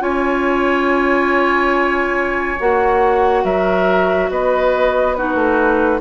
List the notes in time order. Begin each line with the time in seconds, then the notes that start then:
0.00 C#4 F4 C#5 G#5
2.59 A#3 F#4 F#5
3.44 F#3 A#4 E5
4.30 B3 B4 D#5
5.15 D#4 F#4 B4
5.35 A3